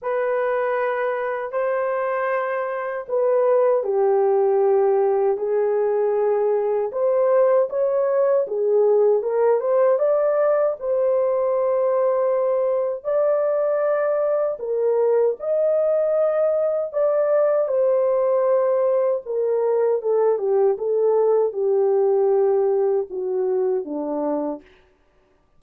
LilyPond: \new Staff \with { instrumentName = "horn" } { \time 4/4 \tempo 4 = 78 b'2 c''2 | b'4 g'2 gis'4~ | gis'4 c''4 cis''4 gis'4 | ais'8 c''8 d''4 c''2~ |
c''4 d''2 ais'4 | dis''2 d''4 c''4~ | c''4 ais'4 a'8 g'8 a'4 | g'2 fis'4 d'4 | }